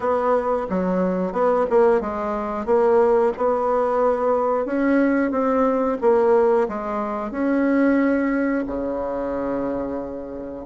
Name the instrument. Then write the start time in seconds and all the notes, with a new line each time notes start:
bassoon
0.00 B3
0.69 F#3
1.32 B3
1.69 A#3
2.00 G#3
2.65 A#3
3.37 B3
4.65 C#4
5.31 C4
6.01 A#3
6.68 G#3
7.31 C#4
8.66 C#3